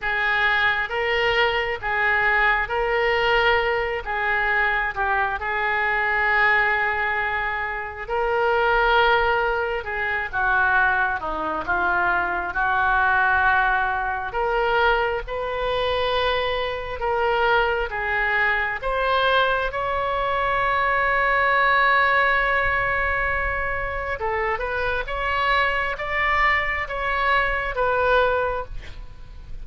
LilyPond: \new Staff \with { instrumentName = "oboe" } { \time 4/4 \tempo 4 = 67 gis'4 ais'4 gis'4 ais'4~ | ais'8 gis'4 g'8 gis'2~ | gis'4 ais'2 gis'8 fis'8~ | fis'8 dis'8 f'4 fis'2 |
ais'4 b'2 ais'4 | gis'4 c''4 cis''2~ | cis''2. a'8 b'8 | cis''4 d''4 cis''4 b'4 | }